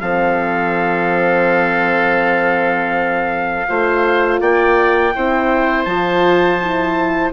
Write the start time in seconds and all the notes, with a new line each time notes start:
0.00 F3 C4 A4 F5
3.68 A3 F4 C5
4.40 A#3 D5 G5
5.14 C4 E4 C5
5.84 F3 F4 A5
6.60 E4